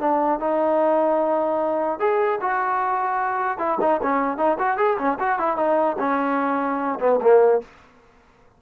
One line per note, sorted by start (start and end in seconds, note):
0.00 0.40 D4
0.40 2.00 D#4
2.00 2.40 G#4
2.41 3.59 F#4
3.59 3.79 E4
3.81 4.01 D#4
4.03 4.38 C#4
4.38 4.58 D#4
4.59 4.78 F#4
4.78 4.98 G#4
4.99 5.19 C#4
5.20 5.39 F#4
5.39 5.57 E4
5.57 5.97 D#4
6.00 7.00 C#4
7.00 7.20 B3
7.22 7.62 A#3